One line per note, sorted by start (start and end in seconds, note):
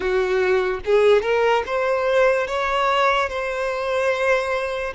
0.00 0.80 F#4
0.85 1.22 G#4
1.22 1.63 A#4
1.66 2.47 C5
2.47 3.29 C#5
3.29 4.93 C5